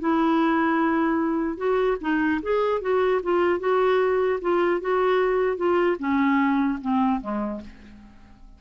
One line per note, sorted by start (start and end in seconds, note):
0.00 1.57 E4
1.57 1.97 F#4
2.01 2.41 D#4
2.43 2.81 G#4
2.81 3.21 F#4
3.23 3.60 F4
3.60 4.40 F#4
4.41 4.81 F4
4.81 5.57 F#4
5.57 5.97 F4
5.99 6.79 C#4
6.81 7.21 C4
7.21 7.61 G#3